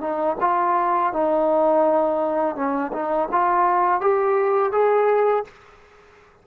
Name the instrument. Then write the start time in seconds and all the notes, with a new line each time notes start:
trombone
0.00 D#4
0.40 F4
1.13 D#4
2.55 C#4
2.92 D#4
3.31 F4
4.01 G4
4.72 G#4